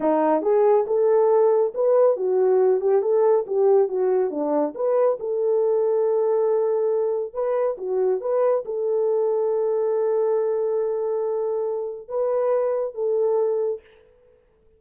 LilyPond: \new Staff \with { instrumentName = "horn" } { \time 4/4 \tempo 4 = 139 dis'4 gis'4 a'2 | b'4 fis'4. g'8 a'4 | g'4 fis'4 d'4 b'4 | a'1~ |
a'4 b'4 fis'4 b'4 | a'1~ | a'1 | b'2 a'2 | }